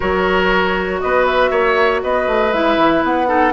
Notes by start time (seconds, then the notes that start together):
0.00 F#3 F#4 A#4 C#5
1.00 B3 B4 D#5
1.26 E5
1.50 A#3 C#5
2.02 B3 B4 D#5
2.27 A3
2.52 G#3 E4 E5
2.77 E3
3.03 B3 F#5
3.27 D#4 A4